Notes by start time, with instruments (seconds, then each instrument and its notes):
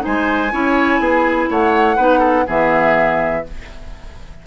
0.00 clarinet D#4, oboe C5, flute G#5
0.07 bassoon G#3
0.52 bassoon C#4, clarinet E4, oboe C#5
1.00 bassoon B3, oboe G#4
1.50 bassoon A3, oboe C#5, flute F#5
1.97 bassoon B3, clarinet D#4, oboe B4
2.20 oboe A4
2.47 bassoon E3, clarinet B3, oboe G#4, flute E5